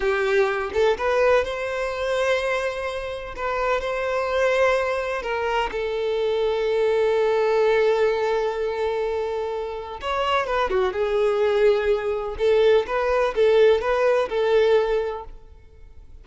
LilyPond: \new Staff \with { instrumentName = "violin" } { \time 4/4 \tempo 4 = 126 g'4. a'8 b'4 c''4~ | c''2. b'4 | c''2. ais'4 | a'1~ |
a'1~ | a'4 cis''4 b'8 fis'8 gis'4~ | gis'2 a'4 b'4 | a'4 b'4 a'2 | }